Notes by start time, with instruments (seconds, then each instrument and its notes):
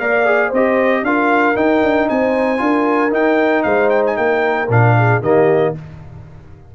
0.00 tuba A#3, trombone A#4, horn D5, trumpet F5
0.26 trombone G#4
0.49 tuba C4, horn C5, trumpet D#5
0.56 trombone G4
1.03 tuba D4, trombone F4, horn A#4, trumpet F5
1.56 trombone D#4, tuba D#4, trumpet G5
1.83 tuba D4
2.09 tuba C4, horn C5, trumpet G#5
2.58 tuba D4, trombone F4, horn A#4
3.11 trombone D#4, tuba D#4, trumpet G5
3.63 tuba G#3, horn C5, trumpet F5
3.90 trumpet G5
4.06 trumpet G#5
4.17 tuba A#3, horn A#4, trumpet G5
4.69 tuba A#2, trombone D4, trumpet F5
4.98 horn G#4
5.21 tuba D#3, trombone A#3, horn G4, trumpet D#5